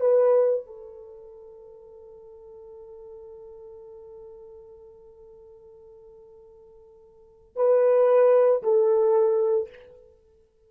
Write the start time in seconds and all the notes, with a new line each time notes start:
0.00 B4
0.66 A4
7.56 B4
8.63 A4